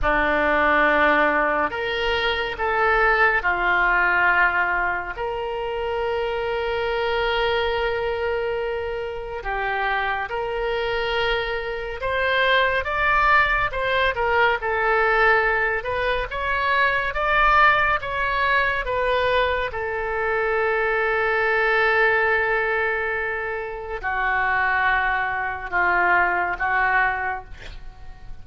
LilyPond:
\new Staff \with { instrumentName = "oboe" } { \time 4/4 \tempo 4 = 70 d'2 ais'4 a'4 | f'2 ais'2~ | ais'2. g'4 | ais'2 c''4 d''4 |
c''8 ais'8 a'4. b'8 cis''4 | d''4 cis''4 b'4 a'4~ | a'1 | fis'2 f'4 fis'4 | }